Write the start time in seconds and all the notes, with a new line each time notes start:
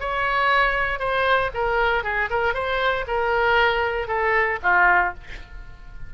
0.00 C#5
0.99 C5
1.54 A#4
2.03 G#4
2.30 A#4
2.54 C5
3.07 A#4
4.08 A4
4.63 F4